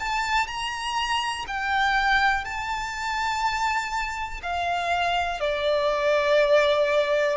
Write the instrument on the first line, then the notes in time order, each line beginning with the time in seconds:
violin
0.00 A5
0.47 A#5
1.48 G5
2.45 A5
4.43 F5
5.41 D5